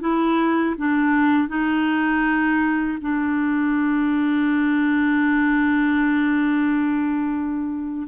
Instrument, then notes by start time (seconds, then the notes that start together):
clarinet
0.00 E4
0.77 D4
1.48 D#4
3.01 D4